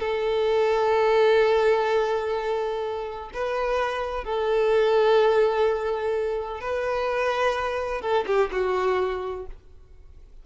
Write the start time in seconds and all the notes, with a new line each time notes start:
0.00 A4
3.33 B4
4.25 A4
6.61 B4
8.02 A4
8.27 G4
8.52 F#4